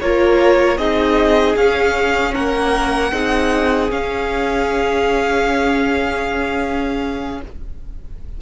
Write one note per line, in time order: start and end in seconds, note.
0.00 0.77 A#3
0.00 0.79 F4
0.00 0.78 A#4
0.00 0.78 C#5
0.77 1.55 C4
0.77 1.56 D#4
0.77 2.34 G#4
0.77 1.56 D#5
1.56 2.34 C#4
1.56 3.12 C#4
1.56 2.34 F5
2.34 3.12 A#3
2.34 3.12 A#4
2.34 3.90 F#5
3.12 3.90 C4
3.12 3.90 D#4
3.12 7.41 G#4
3.90 7.41 C#4
3.90 7.41 F5